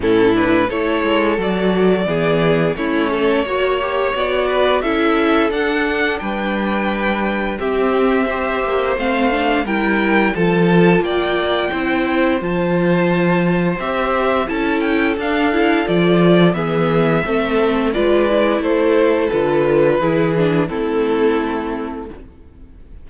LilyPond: <<
  \new Staff \with { instrumentName = "violin" } { \time 4/4 \tempo 4 = 87 a'8 b'8 cis''4 d''2 | cis''2 d''4 e''4 | fis''4 g''2 e''4~ | e''4 f''4 g''4 a''4 |
g''2 a''2 | e''4 a''8 g''8 f''4 d''4 | e''2 d''4 c''4 | b'2 a'2 | }
  \new Staff \with { instrumentName = "violin" } { \time 4/4 e'4 a'2 gis'4 | e'8 a'8 cis''4. b'8 a'4~ | a'4 b'2 g'4 | c''2 ais'4 a'4 |
d''4 c''2.~ | c''4 a'2. | gis'4 a'4 b'4 a'4~ | a'4 gis'4 e'2 | }
  \new Staff \with { instrumentName = "viola" } { \time 4/4 cis'8 d'8 e'4 fis'4 b4 | cis'4 fis'8 g'8 fis'4 e'4 | d'2. c'4 | g'4 c'8 d'8 e'4 f'4~ |
f'4 e'4 f'2 | g'4 e'4 d'8 e'8 f'4 | b4 c'4 f'8 e'4. | f'4 e'8 d'8 c'2 | }
  \new Staff \with { instrumentName = "cello" } { \time 4/4 a,4 a8 gis8 fis4 e4 | a4 ais4 b4 cis'4 | d'4 g2 c'4~ | c'8 ais8 a4 g4 f4 |
ais4 c'4 f2 | c'4 cis'4 d'4 f4 | e4 a4 gis4 a4 | d4 e4 a2 | }
>>